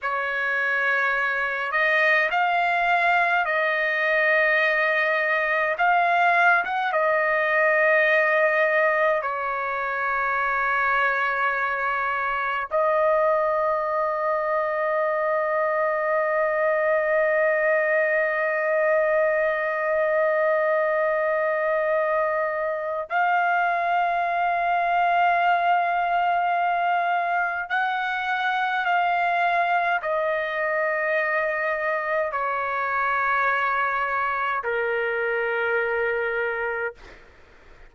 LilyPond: \new Staff \with { instrumentName = "trumpet" } { \time 4/4 \tempo 4 = 52 cis''4. dis''8 f''4 dis''4~ | dis''4 f''8. fis''16 dis''2 | cis''2. dis''4~ | dis''1~ |
dis''1 | f''1 | fis''4 f''4 dis''2 | cis''2 ais'2 | }